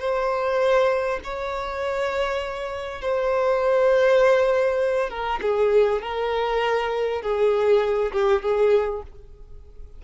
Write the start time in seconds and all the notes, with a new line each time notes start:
0.00 C5
1.24 C#5
3.02 C5
5.10 A#4
5.42 G#4
6.02 A#4
7.22 G#4
8.12 G4
8.42 G#4